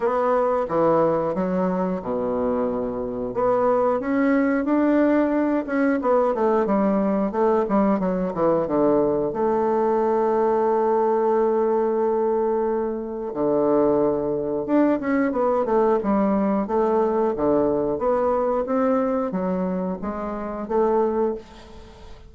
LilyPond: \new Staff \with { instrumentName = "bassoon" } { \time 4/4 \tempo 4 = 90 b4 e4 fis4 b,4~ | b,4 b4 cis'4 d'4~ | d'8 cis'8 b8 a8 g4 a8 g8 | fis8 e8 d4 a2~ |
a1 | d2 d'8 cis'8 b8 a8 | g4 a4 d4 b4 | c'4 fis4 gis4 a4 | }